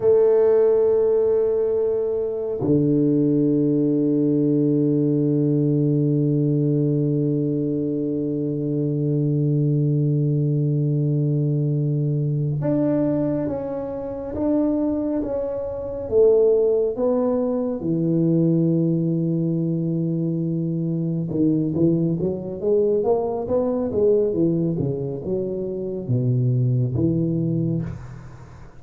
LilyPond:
\new Staff \with { instrumentName = "tuba" } { \time 4/4 \tempo 4 = 69 a2. d4~ | d1~ | d1~ | d2~ d8 d'4 cis'8~ |
cis'8 d'4 cis'4 a4 b8~ | b8 e2.~ e8~ | e8 dis8 e8 fis8 gis8 ais8 b8 gis8 | e8 cis8 fis4 b,4 e4 | }